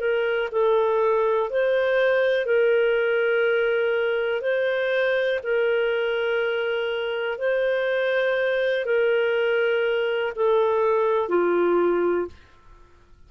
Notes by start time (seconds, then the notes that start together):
0.00 A#4
0.52 A4
1.50 C5
2.46 A#4
4.42 C5
5.44 A#4
7.39 C5
8.86 A#4
10.36 A4
11.29 F4